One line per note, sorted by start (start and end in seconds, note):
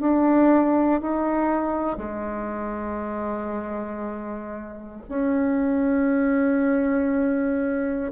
0.00 1.01 D4
1.01 1.98 D#4
1.98 5.03 G#3
5.09 8.12 C#4